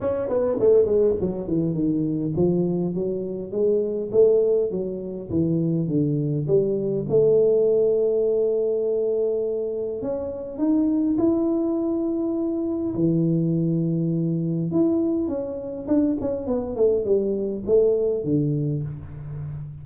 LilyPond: \new Staff \with { instrumentName = "tuba" } { \time 4/4 \tempo 4 = 102 cis'8 b8 a8 gis8 fis8 e8 dis4 | f4 fis4 gis4 a4 | fis4 e4 d4 g4 | a1~ |
a4 cis'4 dis'4 e'4~ | e'2 e2~ | e4 e'4 cis'4 d'8 cis'8 | b8 a8 g4 a4 d4 | }